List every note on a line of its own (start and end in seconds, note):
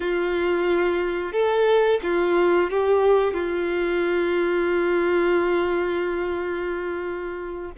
0.00 1.32 F4
1.32 1.99 A4
2.02 2.70 F4
2.70 3.33 G4
3.33 7.71 F4